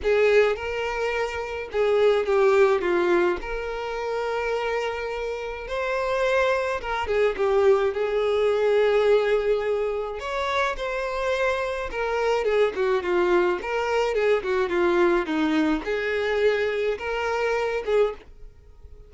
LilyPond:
\new Staff \with { instrumentName = "violin" } { \time 4/4 \tempo 4 = 106 gis'4 ais'2 gis'4 | g'4 f'4 ais'2~ | ais'2 c''2 | ais'8 gis'8 g'4 gis'2~ |
gis'2 cis''4 c''4~ | c''4 ais'4 gis'8 fis'8 f'4 | ais'4 gis'8 fis'8 f'4 dis'4 | gis'2 ais'4. gis'8 | }